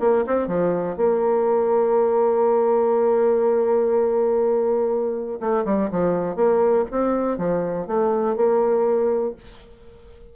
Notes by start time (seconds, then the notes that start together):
0.00 A#3
0.27 C4
0.48 F3
0.97 A#3
5.40 A3
5.65 G3
5.91 F3
6.36 A#3
6.91 C4
7.38 F3
7.87 A3
8.36 A#3